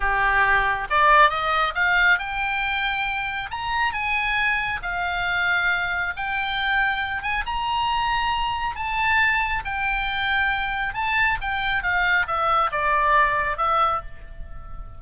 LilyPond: \new Staff \with { instrumentName = "oboe" } { \time 4/4 \tempo 4 = 137 g'2 d''4 dis''4 | f''4 g''2. | ais''4 gis''2 f''4~ | f''2 g''2~ |
g''8 gis''8 ais''2. | a''2 g''2~ | g''4 a''4 g''4 f''4 | e''4 d''2 e''4 | }